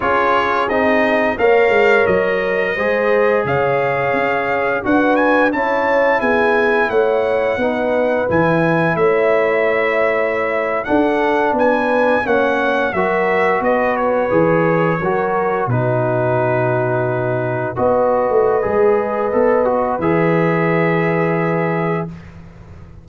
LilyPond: <<
  \new Staff \with { instrumentName = "trumpet" } { \time 4/4 \tempo 4 = 87 cis''4 dis''4 f''4 dis''4~ | dis''4 f''2 fis''8 gis''8 | a''4 gis''4 fis''2 | gis''4 e''2~ e''8. fis''16~ |
fis''8. gis''4 fis''4 e''4 dis''16~ | dis''16 cis''2~ cis''8 b'4~ b'16~ | b'4.~ b'16 dis''2~ dis''16~ | dis''4 e''2. | }
  \new Staff \with { instrumentName = "horn" } { \time 4/4 gis'2 cis''2 | c''4 cis''2 b'4 | cis''4 gis'4 cis''4 b'4~ | b'4 cis''2~ cis''8. a'16~ |
a'8. b'4 cis''4 ais'4 b'16~ | b'4.~ b'16 ais'4 fis'4~ fis'16~ | fis'4.~ fis'16 b'2~ b'16~ | b'1 | }
  \new Staff \with { instrumentName = "trombone" } { \time 4/4 f'4 dis'4 ais'2 | gis'2. fis'4 | e'2. dis'4 | e'2.~ e'8. d'16~ |
d'4.~ d'16 cis'4 fis'4~ fis'16~ | fis'8. gis'4 fis'4 dis'4~ dis'16~ | dis'4.~ dis'16 fis'4~ fis'16 gis'4 | a'8 fis'8 gis'2. | }
  \new Staff \with { instrumentName = "tuba" } { \time 4/4 cis'4 c'4 ais8 gis8 fis4 | gis4 cis4 cis'4 d'4 | cis'4 b4 a4 b4 | e4 a2~ a8. d'16~ |
d'8. b4 ais4 fis4 b16~ | b8. e4 fis4 b,4~ b,16~ | b,4.~ b,16 b8. a8 gis4 | b4 e2. | }
>>